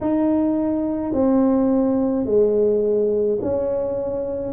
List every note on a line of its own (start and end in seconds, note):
0.01 1.13 D#4
1.13 2.25 C4
2.25 3.39 G#3
3.41 4.52 C#4